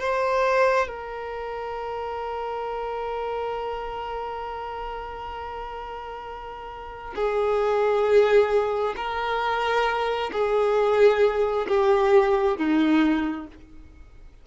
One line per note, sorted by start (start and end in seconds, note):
0.00 0.88 C5
0.88 7.15 A#4
7.16 8.95 G#4
8.97 10.31 A#4
10.33 11.67 G#4
11.69 12.58 G4
12.58 13.47 D#4